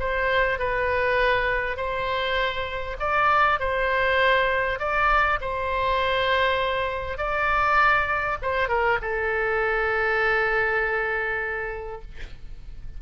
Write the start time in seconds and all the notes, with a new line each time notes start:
0.00 C5
0.59 B4
1.77 C5
3.00 D5
3.60 C5
4.79 D5
5.41 C5
7.18 D5
8.42 C5
8.69 A#4
9.02 A4